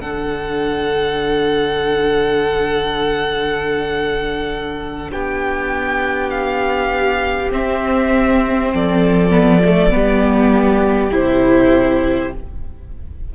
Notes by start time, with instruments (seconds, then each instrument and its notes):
0.00 cello D3, viola D4, violin A4 F#5
5.12 cello B3, violin G4 G5
6.29 violin F5
7.51 viola C4, cello C4, violin E5
8.73 cello F3, violin A4 D5
9.30 viola B3
9.64 viola A3
9.90 cello G3, viola B3, violin G4
11.11 cello C3, viola E4, violin C5